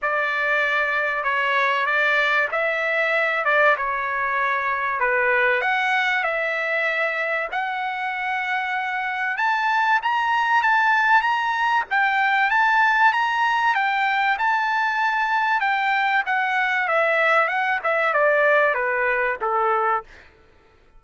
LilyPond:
\new Staff \with { instrumentName = "trumpet" } { \time 4/4 \tempo 4 = 96 d''2 cis''4 d''4 | e''4. d''8 cis''2 | b'4 fis''4 e''2 | fis''2. a''4 |
ais''4 a''4 ais''4 g''4 | a''4 ais''4 g''4 a''4~ | a''4 g''4 fis''4 e''4 | fis''8 e''8 d''4 b'4 a'4 | }